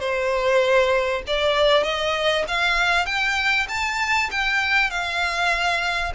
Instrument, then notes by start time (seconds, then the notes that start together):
violin
0.00 C5
1.27 D5
1.84 D#5
2.48 F5
3.06 G5
3.69 A5
4.32 G5
4.91 F5